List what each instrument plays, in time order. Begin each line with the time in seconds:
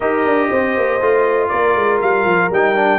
0.00 tuba D#4, trombone G4, horn A#4, trumpet D#5
0.25 tuba D4
0.50 tuba C4, horn C5
0.77 tuba A#3
1.01 tuba A3, trombone F4
1.48 tuba A#3, horn A#4, trumpet D5
1.75 tuba G#3
2.01 tuba G3, trumpet F5
2.25 tuba F3
2.50 tuba G3, trombone D#4, trumpet G5
2.76 trombone D4